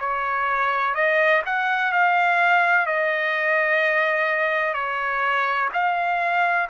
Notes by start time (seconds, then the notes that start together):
0.00 C#5
0.94 D#5
1.46 F#5
1.92 F5
2.87 D#5
4.74 C#5
5.74 F5